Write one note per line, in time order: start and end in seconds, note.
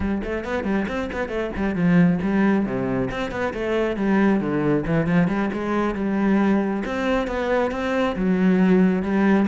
0.00 0.21 G3
0.23 0.44 A3
0.44 0.64 B3
0.64 0.86 G3
0.88 1.10 C4
1.12 1.29 B3
1.29 1.51 A3
1.56 1.75 G3
1.75 2.19 F3
2.22 2.65 G3
2.65 3.09 C3
3.11 3.31 C4
3.31 3.53 B3
3.53 3.96 A3
3.96 4.40 G3
4.40 4.84 D3
4.86 5.06 E3
5.06 5.27 F3
5.27 5.49 G3
5.53 5.94 G#3
5.94 6.83 G3
6.85 7.27 C4
7.27 7.71 B3
7.71 8.15 C4
8.16 9.02 F#3
9.02 9.46 G3